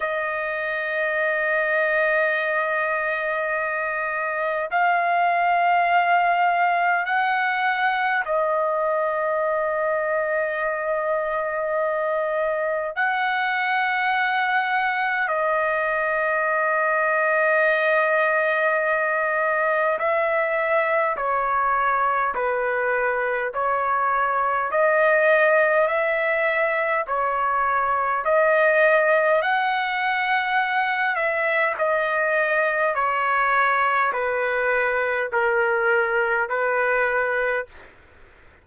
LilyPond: \new Staff \with { instrumentName = "trumpet" } { \time 4/4 \tempo 4 = 51 dis''1 | f''2 fis''4 dis''4~ | dis''2. fis''4~ | fis''4 dis''2.~ |
dis''4 e''4 cis''4 b'4 | cis''4 dis''4 e''4 cis''4 | dis''4 fis''4. e''8 dis''4 | cis''4 b'4 ais'4 b'4 | }